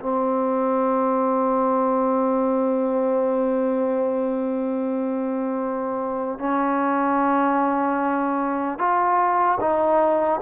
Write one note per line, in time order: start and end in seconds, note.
0.00 6.39 C4
6.39 8.79 C#4
8.79 9.59 F4
9.61 10.41 D#4